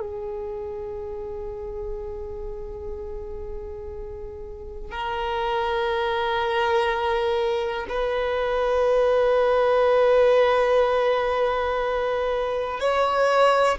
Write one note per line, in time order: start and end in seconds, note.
0.00 4.91 G#4
4.91 7.86 A#4
7.89 12.80 B4
12.80 13.78 C#5